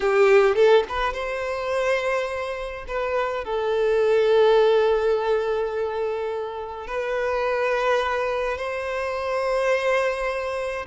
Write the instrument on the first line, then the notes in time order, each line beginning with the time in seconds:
violin
0.00 G4
0.55 A4
0.88 B4
1.13 C5
2.87 B4
3.44 A4
6.87 B4
8.57 C5